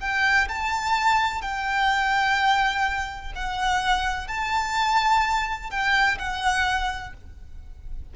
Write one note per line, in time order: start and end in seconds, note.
0.00 0.48 G5
0.48 1.42 A5
1.42 3.32 G5
3.35 4.28 F#5
4.28 5.71 A5
5.71 6.18 G5
6.18 7.13 F#5